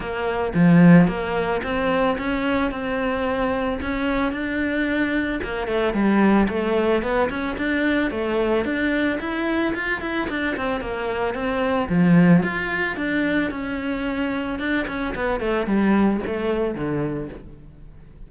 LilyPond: \new Staff \with { instrumentName = "cello" } { \time 4/4 \tempo 4 = 111 ais4 f4 ais4 c'4 | cis'4 c'2 cis'4 | d'2 ais8 a8 g4 | a4 b8 cis'8 d'4 a4 |
d'4 e'4 f'8 e'8 d'8 c'8 | ais4 c'4 f4 f'4 | d'4 cis'2 d'8 cis'8 | b8 a8 g4 a4 d4 | }